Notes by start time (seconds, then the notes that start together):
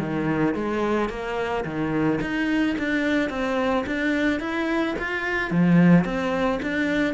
0.00 D#3
0.55 G#3
1.09 A#3
1.65 D#3
2.21 D#4
2.78 D4
3.30 C4
3.87 D4
4.40 E4
4.99 F4
5.51 F3
6.05 C4
6.63 D4